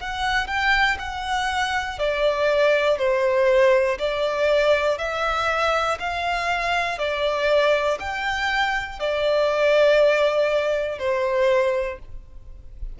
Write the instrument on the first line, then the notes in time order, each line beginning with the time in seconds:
violin
0.00 F#5
0.47 G5
0.98 F#5
1.98 D5
2.98 C5
3.99 D5
4.98 E5
6.00 F5
6.98 D5
8.00 G5
8.99 D5
10.99 C5